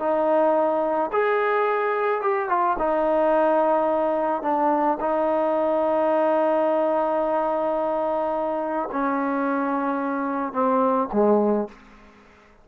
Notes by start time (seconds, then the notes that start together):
0.00 D#4
1.13 G#4
2.22 G4
2.49 F4
2.79 D#4
4.43 D4
5.01 D#4
8.92 C#4
10.53 C4
11.13 G#3